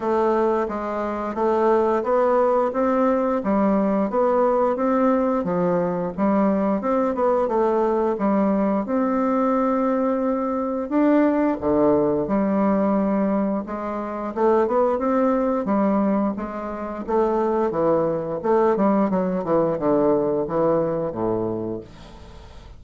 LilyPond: \new Staff \with { instrumentName = "bassoon" } { \time 4/4 \tempo 4 = 88 a4 gis4 a4 b4 | c'4 g4 b4 c'4 | f4 g4 c'8 b8 a4 | g4 c'2. |
d'4 d4 g2 | gis4 a8 b8 c'4 g4 | gis4 a4 e4 a8 g8 | fis8 e8 d4 e4 a,4 | }